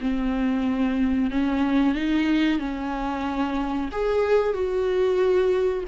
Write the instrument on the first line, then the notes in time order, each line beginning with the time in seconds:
viola
0.00 C4
1.30 C#4
1.94 D#4
2.59 C#4
3.92 G#4
4.54 F#4